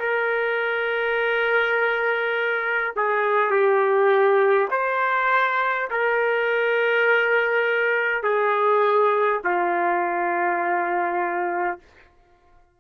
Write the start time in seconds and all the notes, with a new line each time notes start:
0.00 A#4
2.96 G#4
3.51 G4
4.71 C5
5.91 A#4
8.24 G#4
9.44 F4